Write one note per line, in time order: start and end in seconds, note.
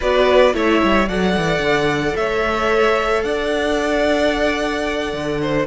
0.00 0.54 B3
0.00 0.53 F#4
0.00 0.54 B4
0.00 0.55 D5
0.53 0.81 A3
0.53 1.07 E4
0.53 1.09 C#5
0.53 1.08 E5
0.83 1.09 G3
1.08 1.36 F#3
1.08 5.66 A4
1.08 2.17 D5
1.08 2.16 F#5
1.37 1.59 E3
1.59 2.13 D3
2.15 3.24 A3
2.15 3.24 C#5
2.15 3.23 E5
3.23 5.13 D4
3.23 5.40 D5
3.23 5.66 F#5
5.13 5.66 D3
5.41 5.66 C5